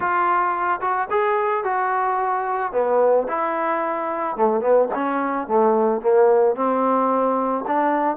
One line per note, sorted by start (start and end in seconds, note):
0.00 0.80 F4
0.80 1.08 F#4
1.10 1.64 G#4
1.64 2.72 F#4
2.72 3.27 B3
3.28 4.36 E4
4.36 4.61 A3
4.61 4.88 B3
4.94 5.47 C#4
5.47 6.01 A3
6.01 6.55 A#3
6.55 7.64 C4
7.67 8.16 D4